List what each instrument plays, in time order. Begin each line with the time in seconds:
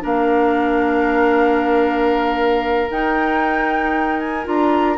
0.00 bassoon A#3, clarinet D4, oboe A#4, flute F5
2.90 bassoon D#4, clarinet D#4, flute G5
4.19 flute G#5
4.44 bassoon D4, clarinet F4, flute A#5